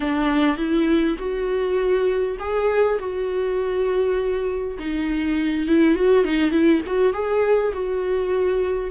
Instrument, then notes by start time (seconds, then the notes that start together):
viola
0.00 D4
0.57 E4
1.18 F#4
2.39 G#4
2.99 F#4
4.78 D#4
5.67 E4
5.95 F#4
6.24 D#4
6.51 E4
6.86 F#4
7.13 G#4
7.73 F#4